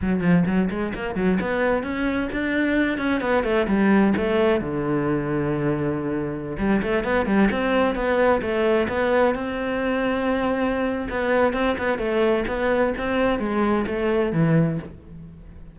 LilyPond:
\new Staff \with { instrumentName = "cello" } { \time 4/4 \tempo 4 = 130 fis8 f8 fis8 gis8 ais8 fis8 b4 | cis'4 d'4. cis'8 b8 a8 | g4 a4 d2~ | d2~ d16 g8 a8 b8 g16~ |
g16 c'4 b4 a4 b8.~ | b16 c'2.~ c'8. | b4 c'8 b8 a4 b4 | c'4 gis4 a4 e4 | }